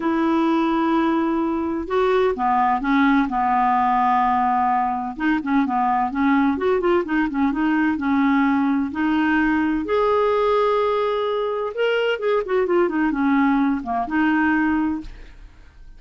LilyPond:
\new Staff \with { instrumentName = "clarinet" } { \time 4/4 \tempo 4 = 128 e'1 | fis'4 b4 cis'4 b4~ | b2. dis'8 cis'8 | b4 cis'4 fis'8 f'8 dis'8 cis'8 |
dis'4 cis'2 dis'4~ | dis'4 gis'2.~ | gis'4 ais'4 gis'8 fis'8 f'8 dis'8 | cis'4. ais8 dis'2 | }